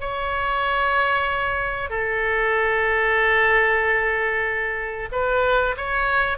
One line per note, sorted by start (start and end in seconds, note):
0.00 1.89 C#5
1.89 5.09 A4
5.12 5.75 B4
5.77 6.37 C#5